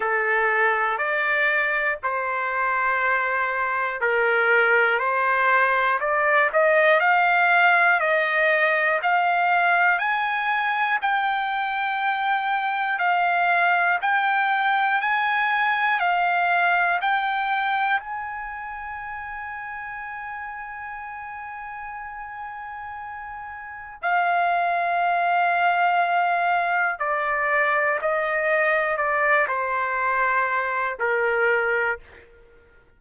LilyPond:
\new Staff \with { instrumentName = "trumpet" } { \time 4/4 \tempo 4 = 60 a'4 d''4 c''2 | ais'4 c''4 d''8 dis''8 f''4 | dis''4 f''4 gis''4 g''4~ | g''4 f''4 g''4 gis''4 |
f''4 g''4 gis''2~ | gis''1 | f''2. d''4 | dis''4 d''8 c''4. ais'4 | }